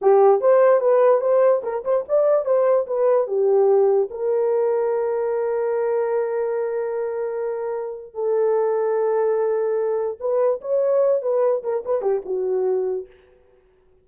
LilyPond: \new Staff \with { instrumentName = "horn" } { \time 4/4 \tempo 4 = 147 g'4 c''4 b'4 c''4 | ais'8 c''8 d''4 c''4 b'4 | g'2 ais'2~ | ais'1~ |
ais'1 | a'1~ | a'4 b'4 cis''4. b'8~ | b'8 ais'8 b'8 g'8 fis'2 | }